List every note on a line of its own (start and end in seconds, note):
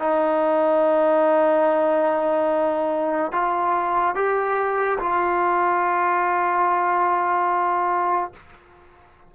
0.00 3.32 D#4
3.32 4.15 F4
4.15 4.98 G4
4.99 8.33 F4